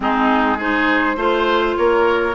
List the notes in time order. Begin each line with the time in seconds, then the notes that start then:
0.00 G#3 C4 D#4 G#4
0.57 D#4 G#4 C5
1.16 A3 F4 C5
1.77 A#3 A#4 C#5